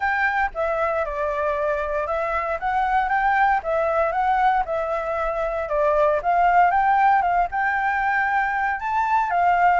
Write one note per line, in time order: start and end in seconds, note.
0.00 0.50 G5
0.54 1.05 E5
1.05 2.06 D5
2.06 2.58 E5
2.59 3.08 F#5
3.08 3.60 G5
3.63 4.11 E5
4.11 4.63 F#5
4.65 5.68 E5
5.68 6.20 D5
6.22 6.71 F5
6.71 7.22 G5
7.22 7.47 F5
7.51 8.80 G5
8.80 9.30 A5
9.30 9.80 F5